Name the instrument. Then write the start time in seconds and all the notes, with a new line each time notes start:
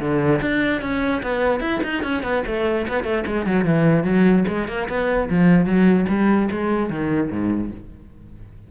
cello
0.00 D3
0.42 D4
0.82 C#4
1.23 B3
1.61 E4
1.84 D#4
2.03 C#4
2.23 B3
2.47 A3
2.88 B3
3.04 A3
3.27 G#3
3.47 F#3
3.65 E3
4.04 F#3
4.48 G#3
4.68 A#3
4.89 B3
5.30 F3
5.66 F#3
6.09 G3
6.51 G#3
6.90 D#3
7.31 G#2